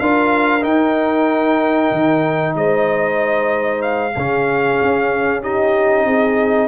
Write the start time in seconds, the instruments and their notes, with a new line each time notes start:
0.00 tuba D4, trombone F4, horn A#4, trumpet F5
0.61 trombone D#4, tuba D#4, trumpet G5
1.91 tuba D#3
2.55 tuba G#3, horn C5, trumpet D#5
3.82 trumpet F5
4.16 tuba C#3, trombone C#4, horn G#4
4.82 tuba C#4
5.42 trombone D#4, horn G4, trumpet D#5
6.05 tuba C4, horn G#4